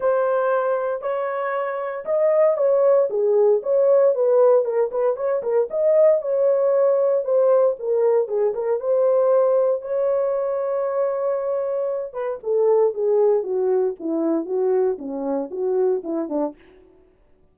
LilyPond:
\new Staff \with { instrumentName = "horn" } { \time 4/4 \tempo 4 = 116 c''2 cis''2 | dis''4 cis''4 gis'4 cis''4 | b'4 ais'8 b'8 cis''8 ais'8 dis''4 | cis''2 c''4 ais'4 |
gis'8 ais'8 c''2 cis''4~ | cis''2.~ cis''8 b'8 | a'4 gis'4 fis'4 e'4 | fis'4 cis'4 fis'4 e'8 d'8 | }